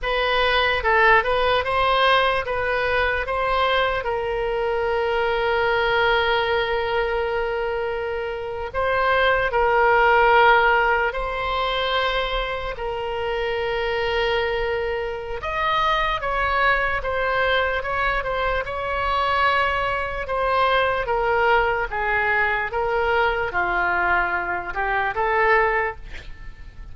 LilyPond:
\new Staff \with { instrumentName = "oboe" } { \time 4/4 \tempo 4 = 74 b'4 a'8 b'8 c''4 b'4 | c''4 ais'2.~ | ais'2~ ais'8. c''4 ais'16~ | ais'4.~ ais'16 c''2 ais'16~ |
ais'2. dis''4 | cis''4 c''4 cis''8 c''8 cis''4~ | cis''4 c''4 ais'4 gis'4 | ais'4 f'4. g'8 a'4 | }